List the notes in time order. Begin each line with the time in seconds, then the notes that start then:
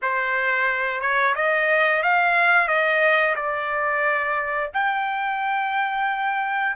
0.02 C5
1.00 C#5
1.35 D#5
2.02 F5
2.68 D#5
3.35 D5
4.73 G5